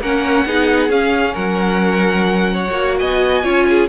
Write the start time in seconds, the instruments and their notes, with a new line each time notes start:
0.00 cello A#3, viola C#4, violin A#4 F#5
0.45 cello B3, viola D#4, violin G#4
0.88 viola C#4, cello C#4, violin F5
1.33 cello F#3, violin A#4 F#5
2.53 violin C#5
2.69 cello A#3, viola F#4
2.98 cello B3, violin D#5 G#5
3.43 cello C#4, viola F4, violin C#5
3.69 violin G#4